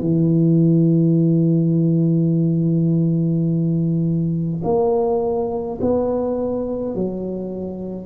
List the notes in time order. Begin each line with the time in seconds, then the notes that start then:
0.00 E3
4.64 A#3
5.81 B3
6.94 F#3